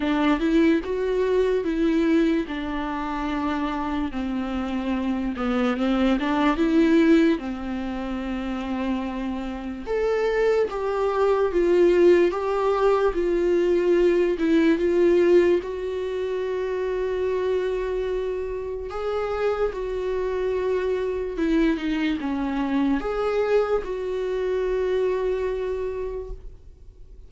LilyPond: \new Staff \with { instrumentName = "viola" } { \time 4/4 \tempo 4 = 73 d'8 e'8 fis'4 e'4 d'4~ | d'4 c'4. b8 c'8 d'8 | e'4 c'2. | a'4 g'4 f'4 g'4 |
f'4. e'8 f'4 fis'4~ | fis'2. gis'4 | fis'2 e'8 dis'8 cis'4 | gis'4 fis'2. | }